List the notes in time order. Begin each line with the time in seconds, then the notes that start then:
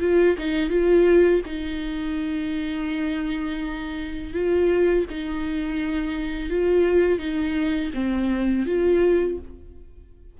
0.00 F4
0.38 D#4
0.69 F4
1.45 D#4
4.33 F4
5.10 D#4
6.50 F4
7.19 D#4
7.94 C4
8.65 F4